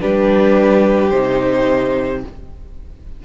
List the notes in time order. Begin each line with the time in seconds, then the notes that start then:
0.00 G3 D4 G4 B4
1.10 C3 D#4 C5